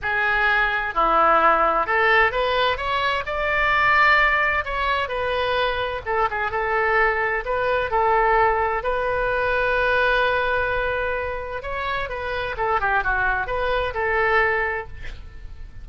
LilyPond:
\new Staff \with { instrumentName = "oboe" } { \time 4/4 \tempo 4 = 129 gis'2 e'2 | a'4 b'4 cis''4 d''4~ | d''2 cis''4 b'4~ | b'4 a'8 gis'8 a'2 |
b'4 a'2 b'4~ | b'1~ | b'4 cis''4 b'4 a'8 g'8 | fis'4 b'4 a'2 | }